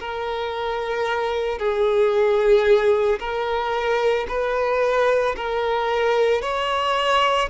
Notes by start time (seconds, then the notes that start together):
0.00 A#4
1.58 G#4
3.19 A#4
4.28 B4
5.36 A#4
6.41 C#5